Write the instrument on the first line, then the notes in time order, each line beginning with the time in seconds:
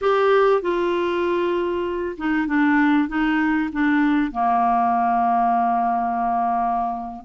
clarinet
0.01 G4
0.61 F4
2.17 D#4
2.47 D4
3.08 D#4
3.72 D4
4.31 A#3